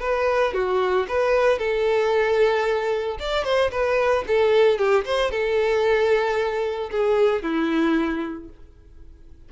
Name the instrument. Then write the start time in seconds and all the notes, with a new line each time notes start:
violin
0.00 B4
0.53 F#4
1.08 B4
1.59 A4
3.19 D5
3.44 C5
3.71 B4
4.27 A4
4.78 G4
5.05 C5
5.31 A4
6.91 G#4
7.43 E4